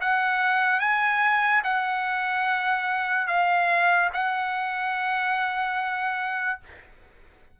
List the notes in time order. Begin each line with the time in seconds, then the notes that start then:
0.00 F#5
0.80 G#5
1.63 F#5
3.27 F5
4.13 F#5